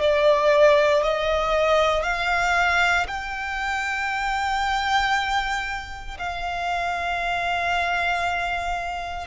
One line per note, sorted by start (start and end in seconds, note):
0.00 1.03 D5
1.03 2.03 D#5
2.03 3.06 F5
3.07 6.17 G5
6.18 9.26 F5